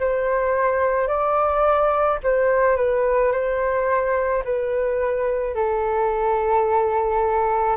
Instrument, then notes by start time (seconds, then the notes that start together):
flute
0.00 C5
1.08 D5
2.23 C5
2.77 B4
3.32 C5
4.44 B4
5.55 A4